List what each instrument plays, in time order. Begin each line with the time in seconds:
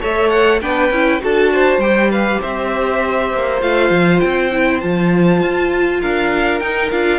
0.00 cello A3, viola A4, violin C#5 E5
0.30 violin F#5
0.61 cello B3, viola D4, violin B4 G5
0.90 cello C#4, viola E4
1.21 cello D4, viola F#4, violin A4 A5
1.53 violin C5
1.78 cello G3, viola G4, violin G5
2.11 violin B4 F5
2.41 cello C4, violin C5 E5
3.33 cello A#3
3.61 cello A3, viola F4, violin F5
3.90 cello F3
4.20 cello C4, violin G5
4.51 viola E4
4.81 cello F3, viola F4, violin A5
5.42 cello F4
6.01 cello D4, violin A#4 F5
6.59 cello D#4, viola D#4, violin G5
6.91 cello D4, viola F4, violin F5